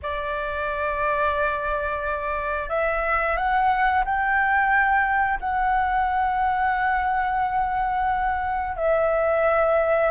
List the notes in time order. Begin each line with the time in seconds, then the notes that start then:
0.02 D5
2.69 E5
3.36 F#5
4.04 G5
5.40 F#5
8.76 E5